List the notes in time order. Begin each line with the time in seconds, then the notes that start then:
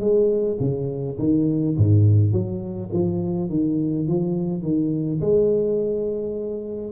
0.00 G#3
0.60 C#3
1.19 D#3
1.77 G#2
2.32 F#3
2.93 F3
3.50 D#3
4.08 F3
4.63 D#3
5.21 G#3